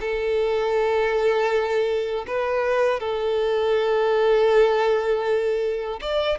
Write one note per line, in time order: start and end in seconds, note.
0.00 2.25 A4
2.27 3.00 B4
3.00 6.00 A4
6.00 6.38 D5